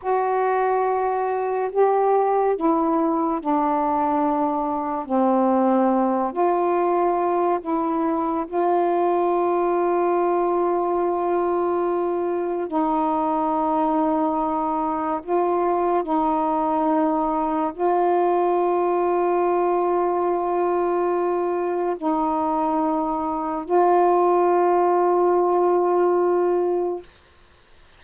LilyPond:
\new Staff \with { instrumentName = "saxophone" } { \time 4/4 \tempo 4 = 71 fis'2 g'4 e'4 | d'2 c'4. f'8~ | f'4 e'4 f'2~ | f'2. dis'4~ |
dis'2 f'4 dis'4~ | dis'4 f'2.~ | f'2 dis'2 | f'1 | }